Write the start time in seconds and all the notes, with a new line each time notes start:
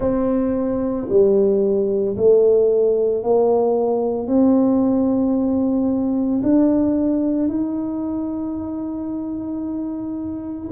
0.00 C4
1.09 G3
2.17 A3
3.23 A#3
4.27 C4
6.42 D4
7.48 D#4